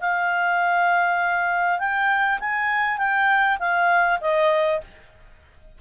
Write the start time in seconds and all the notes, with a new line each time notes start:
0.00 F5
1.79 G5
2.40 G#5
2.98 G5
3.59 F5
4.20 D#5